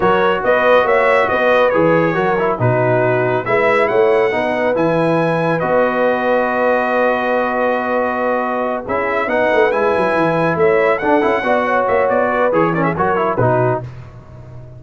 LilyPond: <<
  \new Staff \with { instrumentName = "trumpet" } { \time 4/4 \tempo 4 = 139 cis''4 dis''4 e''4 dis''4 | cis''2 b'2 | e''4 fis''2 gis''4~ | gis''4 dis''2.~ |
dis''1~ | dis''8 e''4 fis''4 gis''4.~ | gis''8 e''4 fis''2 e''8 | d''4 cis''8 d''16 e''16 cis''4 b'4 | }
  \new Staff \with { instrumentName = "horn" } { \time 4/4 ais'4 b'4 cis''4 b'4~ | b'4 ais'4 fis'2 | b'4 cis''4 b'2~ | b'1~ |
b'1~ | b'8 gis'4 b'2~ b'8~ | b'8 cis''4 a'4 d''8 cis''4~ | cis''8 b'4 ais'16 gis'16 ais'4 fis'4 | }
  \new Staff \with { instrumentName = "trombone" } { \time 4/4 fis'1 | gis'4 fis'8 e'8 dis'2 | e'2 dis'4 e'4~ | e'4 fis'2.~ |
fis'1~ | fis'8 e'4 dis'4 e'4.~ | e'4. d'8 e'8 fis'4.~ | fis'4 gis'8 cis'8 fis'8 e'8 dis'4 | }
  \new Staff \with { instrumentName = "tuba" } { \time 4/4 fis4 b4 ais4 b4 | e4 fis4 b,2 | gis4 a4 b4 e4~ | e4 b2.~ |
b1~ | b8 cis'4 b8 a8 gis8 fis8 e8~ | e8 a4 d'8 cis'8 b4 ais8 | b4 e4 fis4 b,4 | }
>>